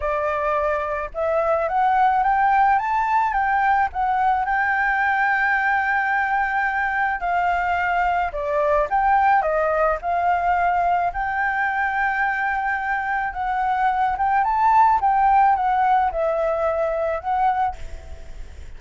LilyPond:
\new Staff \with { instrumentName = "flute" } { \time 4/4 \tempo 4 = 108 d''2 e''4 fis''4 | g''4 a''4 g''4 fis''4 | g''1~ | g''4 f''2 d''4 |
g''4 dis''4 f''2 | g''1 | fis''4. g''8 a''4 g''4 | fis''4 e''2 fis''4 | }